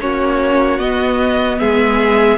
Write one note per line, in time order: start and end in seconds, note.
0.00 0.79 A#3
0.00 0.80 C#4
0.00 1.60 F#4
0.00 0.79 C#5
0.79 1.59 B3
0.79 2.38 B3
0.79 1.59 D#5
1.59 2.38 G#3
1.59 2.38 G#4
1.59 2.38 E5